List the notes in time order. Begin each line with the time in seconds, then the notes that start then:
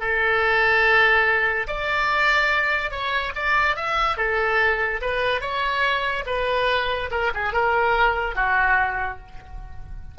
0.00 A4
1.67 D5
2.91 C#5
3.35 D5
3.76 E5
4.17 A4
5.01 B4
5.41 C#5
6.26 B4
7.11 A#4
7.34 G#4
7.53 A#4
8.35 F#4